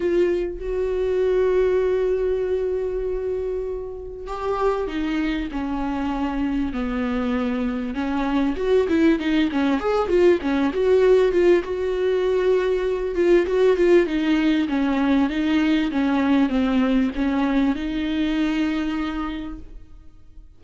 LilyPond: \new Staff \with { instrumentName = "viola" } { \time 4/4 \tempo 4 = 98 f'4 fis'2.~ | fis'2. g'4 | dis'4 cis'2 b4~ | b4 cis'4 fis'8 e'8 dis'8 cis'8 |
gis'8 f'8 cis'8 fis'4 f'8 fis'4~ | fis'4. f'8 fis'8 f'8 dis'4 | cis'4 dis'4 cis'4 c'4 | cis'4 dis'2. | }